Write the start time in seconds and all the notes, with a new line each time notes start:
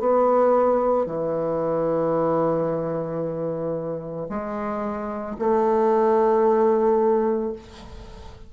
0.00 B3
1.07 E3
4.30 G#3
5.39 A3